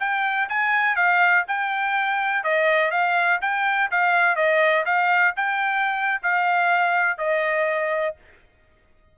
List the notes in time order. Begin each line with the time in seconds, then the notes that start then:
0.00 G5
0.49 G#5
0.96 F5
1.48 G5
2.44 D#5
2.91 F5
3.41 G5
3.91 F5
4.36 D#5
4.86 F5
5.36 G5
6.23 F5
7.18 D#5